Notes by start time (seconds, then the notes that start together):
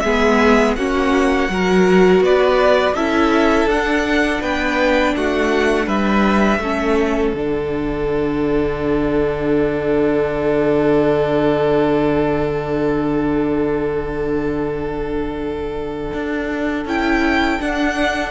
0.00 G#3 B3 G#4 E5
0.76 A#3 C#4 F#4 F#5
1.48 F#3 F#4 A#4
2.20 B3 B4 D5
2.94 C#4 E4 A4 E5
3.65 D4 F#5
3.72 D4
4.41 B3 B4 G5
5.16 A3 F#4 F#5
5.86 G3 B4 E5
6.59 A3 C#4 A4
7.33 D3 D4 F#5
16.13 D4
16.85 C#4 E4 G5
17.59 D4 F#5